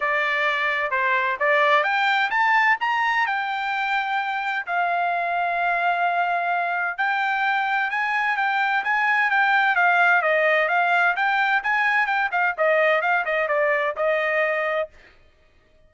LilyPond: \new Staff \with { instrumentName = "trumpet" } { \time 4/4 \tempo 4 = 129 d''2 c''4 d''4 | g''4 a''4 ais''4 g''4~ | g''2 f''2~ | f''2. g''4~ |
g''4 gis''4 g''4 gis''4 | g''4 f''4 dis''4 f''4 | g''4 gis''4 g''8 f''8 dis''4 | f''8 dis''8 d''4 dis''2 | }